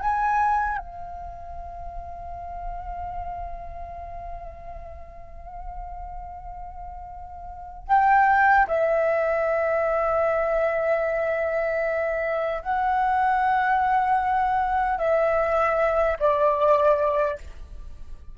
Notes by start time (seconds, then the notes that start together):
0.00 G#5
0.78 F5
7.87 G5
8.68 E5
12.62 F#5
14.98 E5
16.19 D5